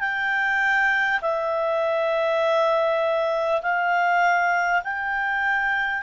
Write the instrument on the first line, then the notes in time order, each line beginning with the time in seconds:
clarinet
0.00 G5
1.22 E5
3.62 F5
4.84 G5